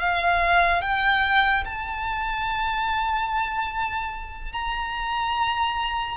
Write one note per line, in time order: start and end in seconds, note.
0.00 0.82 F5
0.82 1.64 G5
1.66 4.53 A5
4.53 6.17 A#5